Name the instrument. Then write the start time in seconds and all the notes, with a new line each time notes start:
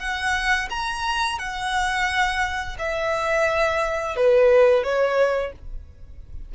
violin
0.00 F#5
0.70 A#5
1.39 F#5
2.79 E5
4.17 B4
4.84 C#5